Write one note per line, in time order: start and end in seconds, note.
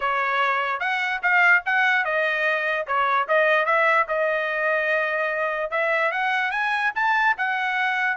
0.00 0.80 C#5
0.80 1.21 F#5
1.22 1.63 F5
1.65 2.04 F#5
2.04 2.86 D#5
2.86 3.27 C#5
3.28 3.65 D#5
3.65 4.06 E5
4.08 5.71 D#5
5.71 6.11 E5
6.11 6.51 F#5
6.51 6.92 G#5
6.95 7.36 A5
7.37 8.16 F#5